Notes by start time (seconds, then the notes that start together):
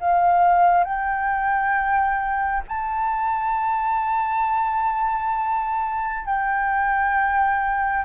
0.00 F5
0.84 G5
2.68 A5
6.25 G5